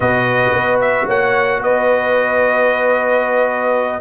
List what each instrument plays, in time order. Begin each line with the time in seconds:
0.00 tuba B2, trombone F#4, horn B4, trumpet D#5
0.52 tuba B3
0.80 trumpet E5
1.05 tuba A#3, horn C#5, trumpet F#5
1.59 tuba B3, horn B4, trumpet D#5